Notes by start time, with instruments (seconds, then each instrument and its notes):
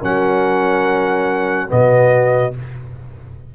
0.00 tuba F#3, trombone C#4, horn A#4, trumpet F#5
1.68 tuba B2, trombone B3, horn F#4, trumpet D#5